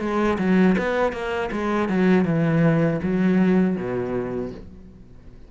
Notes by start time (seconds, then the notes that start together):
0.00 G#3
0.38 F#3
0.78 B3
1.12 A#3
1.52 G#3
1.89 F#3
2.25 E3
3.03 F#3
3.76 B2